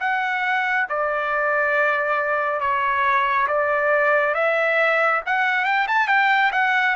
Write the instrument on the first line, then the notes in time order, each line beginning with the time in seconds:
trumpet
0.00 F#5
0.89 D5
2.60 C#5
3.47 D5
4.34 E5
5.26 F#5
5.65 G5
5.87 A5
6.08 G5
6.52 F#5